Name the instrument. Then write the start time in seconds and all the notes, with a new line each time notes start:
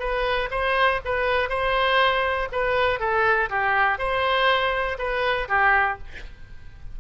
oboe
0.00 B4
0.51 C5
1.05 B4
1.50 C5
2.52 B4
3.00 A4
3.50 G4
3.99 C5
4.99 B4
5.49 G4